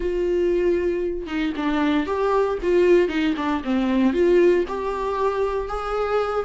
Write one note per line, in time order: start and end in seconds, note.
0.00 1.26 F4
1.26 1.52 D#4
1.56 2.06 D4
2.06 2.58 G4
2.62 3.08 F4
3.08 3.34 D#4
3.36 3.62 D4
3.63 4.13 C4
4.13 4.64 F4
4.67 5.68 G4
5.68 6.45 G#4